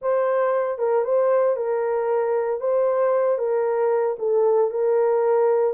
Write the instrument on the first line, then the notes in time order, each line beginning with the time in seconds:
horn
0.01 C5
0.78 A#4
1.04 C5
1.56 A#4
2.60 C5
3.38 A#4
4.18 A4
4.70 A#4